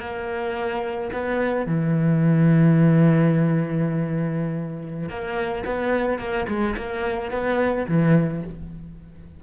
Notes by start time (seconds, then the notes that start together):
0.00 A#3
1.13 B3
1.66 E3
5.09 A#3
5.65 B3
6.19 A#3
6.48 G#3
6.77 A#3
7.31 B3
7.88 E3